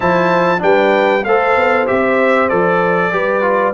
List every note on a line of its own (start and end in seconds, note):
0.00 0.62 F3
0.00 0.58 E4
0.00 0.59 C5
0.00 0.62 A5
0.58 1.25 G3
0.58 1.20 D4
0.58 1.25 B4
0.58 1.24 G5
1.24 1.55 A3
1.24 1.87 A4
1.24 3.13 C5
1.24 1.86 F5
1.55 1.87 B3
1.87 2.51 C4
1.87 2.49 G4
1.87 2.49 E5
2.49 3.12 F3
2.49 3.11 A4
2.49 3.74 D5
3.11 3.74 G3
3.11 3.42 G4
3.11 3.74 B4
3.42 3.73 F4